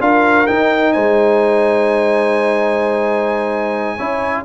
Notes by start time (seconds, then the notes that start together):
0.00 D4 F4 A#4 F5
0.46 D#4 G5
0.92 G#3 C5 G#5
3.97 C#4 E4 C#5